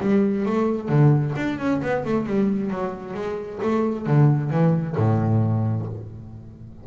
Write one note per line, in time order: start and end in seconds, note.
0.00 0.45 G3
0.45 0.88 A3
0.88 1.33 D3
1.36 1.58 D4
1.59 1.81 C#4
1.81 2.04 B3
2.05 2.26 A3
2.26 2.70 G3
2.70 3.14 F#3
3.14 3.59 G#3
3.62 4.06 A3
4.06 4.50 D3
4.50 4.95 E3
4.96 5.86 A2